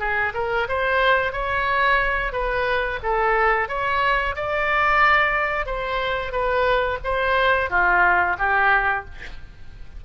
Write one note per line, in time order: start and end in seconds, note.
0.00 0.33 G#4
0.35 0.68 A#4
0.69 1.33 C5
1.33 2.33 C#5
2.33 3.00 B4
3.03 3.69 A4
3.69 4.35 C#5
4.36 5.67 D5
5.67 6.32 C5
6.32 6.99 B4
7.04 7.70 C5
7.70 8.37 F4
8.39 9.05 G4